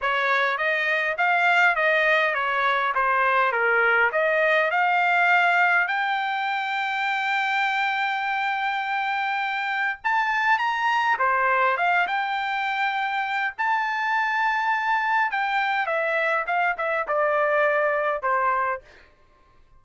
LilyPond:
\new Staff \with { instrumentName = "trumpet" } { \time 4/4 \tempo 4 = 102 cis''4 dis''4 f''4 dis''4 | cis''4 c''4 ais'4 dis''4 | f''2 g''2~ | g''1~ |
g''4 a''4 ais''4 c''4 | f''8 g''2~ g''8 a''4~ | a''2 g''4 e''4 | f''8 e''8 d''2 c''4 | }